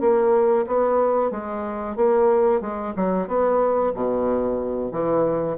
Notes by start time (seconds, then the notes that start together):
0.00 A#3
0.66 B3
1.30 G#3
1.96 A#3
2.60 G#3
2.96 F#3
3.27 B3
3.94 B2
4.91 E3